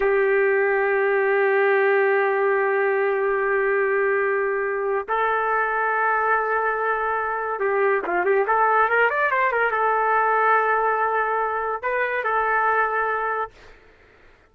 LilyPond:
\new Staff \with { instrumentName = "trumpet" } { \time 4/4 \tempo 4 = 142 g'1~ | g'1~ | g'1 | a'1~ |
a'2 g'4 f'8 g'8 | a'4 ais'8 d''8 c''8 ais'8 a'4~ | a'1 | b'4 a'2. | }